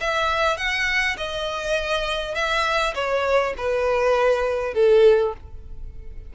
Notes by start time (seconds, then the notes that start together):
0.00 E5
0.57 F#5
1.17 D#5
2.34 E5
2.94 C#5
3.57 B4
4.74 A4